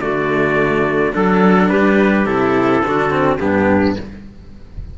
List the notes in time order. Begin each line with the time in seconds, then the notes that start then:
0.00 D3 A3 F#4 D5
1.12 F#3 D4 A4
1.69 G3 G4 B4
2.25 C3 E4 A4
2.81 D3 F#4
2.87 D4
3.10 C4
3.40 G2 B3 D4 G4